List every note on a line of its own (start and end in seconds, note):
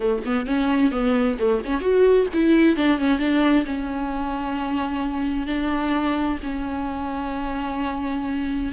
0.00 0.22 A3
0.25 0.46 B3
0.46 0.91 C#4
0.91 1.37 B3
1.39 1.62 A3
1.65 1.80 C#4
1.80 2.26 F#4
2.33 2.76 E4
2.76 2.98 D4
2.98 3.18 C#4
3.18 3.64 D4
3.65 5.46 C#4
5.46 6.38 D4
6.43 8.72 C#4